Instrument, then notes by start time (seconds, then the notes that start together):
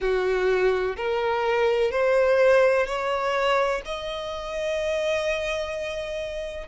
violin
0.00 F#4
0.96 A#4
1.91 C5
2.86 C#5
3.85 D#5